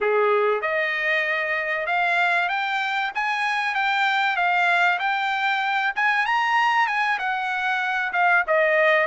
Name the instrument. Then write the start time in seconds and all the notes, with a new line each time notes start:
trumpet
0.00 G#4
0.61 D#5
1.86 F5
2.49 G5
3.14 G#5
3.74 G5
4.36 F5
4.99 G5
5.95 G#5
6.26 A#5
6.87 G#5
7.18 F#5
8.12 F5
8.47 D#5